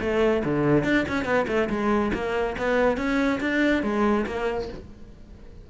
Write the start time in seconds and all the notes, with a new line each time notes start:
0.00 A3
0.44 D3
0.84 D4
1.08 C#4
1.24 B3
1.47 A3
1.69 G#3
2.13 A#3
2.57 B3
2.97 C#4
3.40 D4
3.83 G#3
4.26 A#3